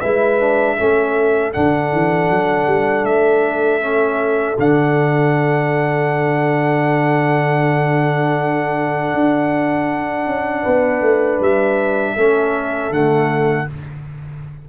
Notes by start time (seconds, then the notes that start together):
0.00 G#3 E4 B4 E5
0.40 D4
0.77 A3 C#4 A4
1.53 D3 D4 F#5
1.92 E3
2.30 F#3
2.66 G3
3.04 A3 E5
3.81 C#4
4.58 D3 D4 F#5
9.14 D4
10.27 C#4
10.62 B3 B4
11.01 A3
11.40 G3 E5
12.16 A3 C#4 A4
12.90 D3 A3 F#5